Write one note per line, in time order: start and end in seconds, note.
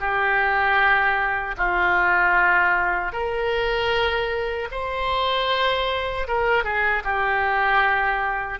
0.00 1.55 G4
1.58 3.13 F4
3.13 4.69 A#4
4.71 6.27 C5
6.28 6.64 A#4
6.64 7.03 G#4
7.04 8.60 G4